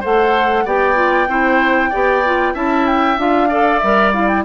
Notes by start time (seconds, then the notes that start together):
0.00 A3 A4 C5 F#5
0.65 B3 G4 D5 G5
0.95 F4
1.27 C4 E4 C5
1.89 B3 G4 D5
2.25 F4
2.54 C#4 E4 E5 A5
2.86 G5
3.17 D4 F4 F5
3.48 A4 D5
3.79 G3 A#4 E5
4.13 E4 F5
4.28 G5